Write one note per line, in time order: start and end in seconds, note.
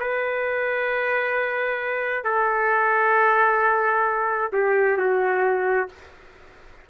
0.00 2.24 B4
2.24 4.51 A4
4.52 4.98 G4
4.98 5.88 F#4